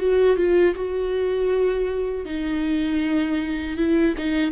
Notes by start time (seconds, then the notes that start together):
0.00 F#4
0.37 F4
0.76 F#4
2.26 D#4
3.78 E4
4.18 D#4